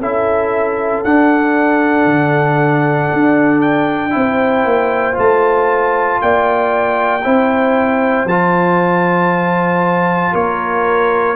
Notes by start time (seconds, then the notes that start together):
0.00 C#4 E4 A4 E5
1.04 D4 F#5
2.06 D3
3.13 D4
3.61 G5
4.11 C4 E4 C5
4.65 A#3
5.13 A3 F4 A5
6.22 A#3 D5 G5
7.24 C4 E4 C5
8.25 F3 F4 A5
10.33 A#3 A#4 C#5